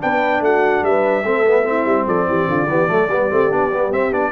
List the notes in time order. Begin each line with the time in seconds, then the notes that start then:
0.00 B3 D4 B4 G5
0.40 A3 F#4 F#5
0.82 G3 B4 E5
1.23 A3 C4 A4
1.46 B3
1.64 C4 E4
1.85 G3
2.06 F3 A4 D5
2.27 E3 G4
2.48 D3 F4
2.68 E3 B3 G4
2.87 F#3 A3 A4
3.07 G3 B3 G4
3.30 A3 C4
3.50 B3 D4
3.71 G3 B3
3.91 C4 E5
4.11 B3 D4 D5